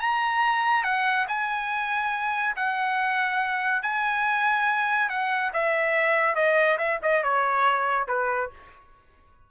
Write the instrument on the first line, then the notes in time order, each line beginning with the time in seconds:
trumpet
0.00 A#5
0.84 F#5
1.28 G#5
2.56 F#5
3.82 G#5
5.09 F#5
5.53 E5
6.35 D#5
6.78 E5
7.03 D#5
7.23 C#5
8.08 B4